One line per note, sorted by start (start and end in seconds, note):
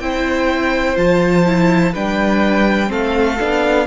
0.00 0.97 C4
0.00 0.97 E4
0.00 1.93 C5
0.00 0.97 G5
0.97 1.94 F3
0.97 1.45 F4
0.97 1.95 A5
1.46 1.94 E4
1.93 2.91 G3
1.93 2.88 D4
1.93 2.89 B4
1.93 2.92 G5
2.88 3.39 A3
2.88 3.36 C4
2.88 3.87 A4
2.88 3.88 F5
3.40 3.88 B3
3.40 3.88 D4